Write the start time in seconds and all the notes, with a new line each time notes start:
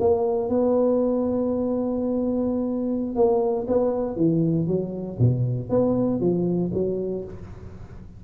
0.00 A#3
0.49 B3
3.15 A#3
3.67 B3
4.16 E3
4.67 F#3
5.19 B2
5.69 B3
6.20 F3
6.73 F#3